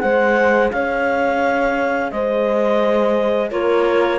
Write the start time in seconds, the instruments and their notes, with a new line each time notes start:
0.00 cello G#3, clarinet G#4 F#5, horn C5
0.71 cello C#4, horn C#5, clarinet F5
2.11 cello G#3, horn C5, clarinet D#5
3.50 cello A#3, clarinet F4 C#5, horn A#4